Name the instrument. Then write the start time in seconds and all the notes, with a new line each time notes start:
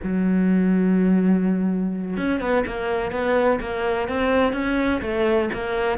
cello
0.03 F#3
2.16 C#4
2.40 B3
2.66 A#3
3.11 B3
3.60 A#3
4.08 C4
4.53 C#4
5.01 A3
5.53 A#3